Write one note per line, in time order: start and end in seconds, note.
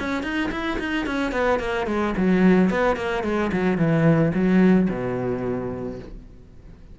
0.00 0.23 C#4
0.23 0.51 D#4
0.52 0.79 E4
0.80 1.07 D#4
1.07 1.32 C#4
1.32 1.60 B3
1.60 1.87 A#3
1.87 2.14 G#3
2.18 2.70 F#3
2.70 2.97 B3
2.97 3.24 A#3
3.24 3.51 G#3
3.53 3.78 F#3
3.78 4.33 E3
4.35 4.89 F#3
4.90 6.00 B2